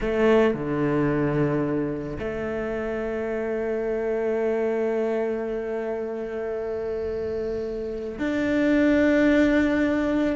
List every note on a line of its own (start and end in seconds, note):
0.00 0.54 A3
0.54 2.17 D3
2.19 8.18 A3
8.18 10.35 D4